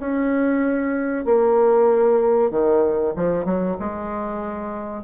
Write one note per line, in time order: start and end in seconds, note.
0.00 1.25 C#4
1.25 2.51 A#3
2.51 3.14 D#3
3.16 3.45 F3
3.45 3.77 F#3
3.80 5.04 G#3